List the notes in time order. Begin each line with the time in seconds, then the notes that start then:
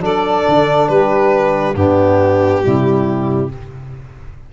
0.00 F#3 D4 A4 D5
0.48 D3
0.88 G3 G4 B4
1.75 G2 B3 D4 G4
2.62 C3 G3 E4